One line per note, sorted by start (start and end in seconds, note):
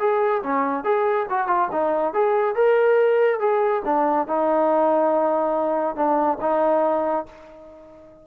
0.00 0.43 G#4
0.43 0.85 C#4
0.85 1.27 G#4
1.30 1.48 F#4
1.48 1.69 F4
1.72 2.14 D#4
2.14 2.56 G#4
2.56 3.40 A#4
3.40 3.83 G#4
3.85 4.28 D4
4.28 5.96 D#4
5.96 6.38 D4
6.41 7.26 D#4